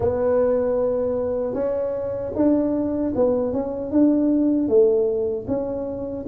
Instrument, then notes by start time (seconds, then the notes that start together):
tuba
0.00 B3
1.54 C#4
2.35 D4
3.15 B3
3.53 C#4
3.91 D4
4.68 A3
5.47 C#4